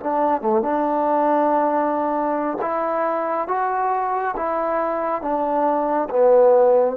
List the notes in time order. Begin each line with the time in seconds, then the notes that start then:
0.00 D4
0.41 A3
0.62 D4
2.61 E4
3.48 F#4
4.37 E4
5.22 D4
6.10 B3